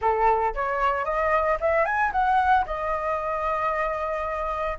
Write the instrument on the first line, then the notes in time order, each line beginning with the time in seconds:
flute
0.01 A4
0.54 C#5
1.05 D#5
1.60 E5
1.85 G#5
2.12 F#5
2.66 D#5